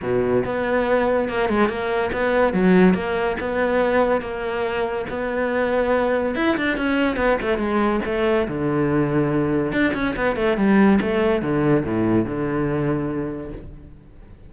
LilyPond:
\new Staff \with { instrumentName = "cello" } { \time 4/4 \tempo 4 = 142 b,4 b2 ais8 gis8 | ais4 b4 fis4 ais4 | b2 ais2 | b2. e'8 d'8 |
cis'4 b8 a8 gis4 a4 | d2. d'8 cis'8 | b8 a8 g4 a4 d4 | a,4 d2. | }